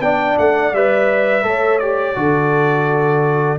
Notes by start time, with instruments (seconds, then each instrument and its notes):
0.00 tuba B3, trombone D4, horn D5, trumpet G5
0.39 tuba A3, trumpet F#5
0.73 tuba G3, trombone B4, trumpet E5
1.43 tuba A3, trombone A4, horn C#5
1.79 trombone G4, trumpet D5
2.15 tuba D3, trombone F#4, horn A4